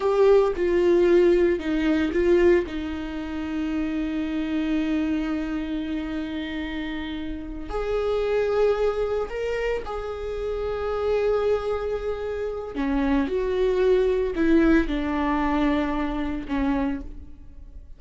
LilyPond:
\new Staff \with { instrumentName = "viola" } { \time 4/4 \tempo 4 = 113 g'4 f'2 dis'4 | f'4 dis'2.~ | dis'1~ | dis'2~ dis'8 gis'4.~ |
gis'4. ais'4 gis'4.~ | gis'1 | cis'4 fis'2 e'4 | d'2. cis'4 | }